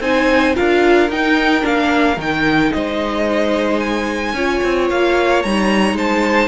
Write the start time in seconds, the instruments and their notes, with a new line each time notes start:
0.00 cello C4, viola D#4, violin C5 G#5
0.54 cello D4, viola F4, violin A#4 F5
1.09 cello D#4, viola D#4, violin G5
1.61 cello A#3, viola D4, violin F5
2.17 cello D#3, viola D#4, violin G5
2.73 cello G#3, violin C5 D#5
3.80 violin G#5
4.33 cello C#4, viola F4, violin C#5
4.63 cello C4
4.90 cello A#3, violin F5
5.42 cello G3, viola D#4, violin A#5
5.93 cello G#3, violin C5 A5